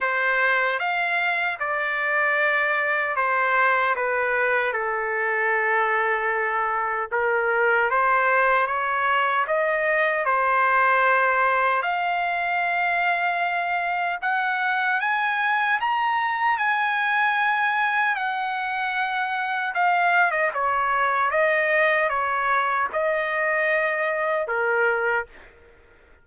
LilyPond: \new Staff \with { instrumentName = "trumpet" } { \time 4/4 \tempo 4 = 76 c''4 f''4 d''2 | c''4 b'4 a'2~ | a'4 ais'4 c''4 cis''4 | dis''4 c''2 f''4~ |
f''2 fis''4 gis''4 | ais''4 gis''2 fis''4~ | fis''4 f''8. dis''16 cis''4 dis''4 | cis''4 dis''2 ais'4 | }